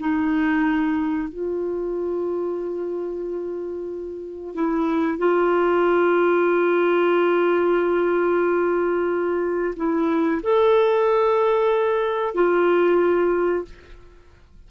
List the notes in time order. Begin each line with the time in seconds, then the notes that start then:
0.00 D#4
1.29 F4
4.55 E4
5.18 F4
9.76 E4
10.43 A4
12.35 F4